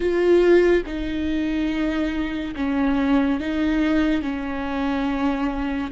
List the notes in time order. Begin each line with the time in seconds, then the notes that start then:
0.00 F4
0.86 D#4
2.55 C#4
3.40 D#4
4.22 C#4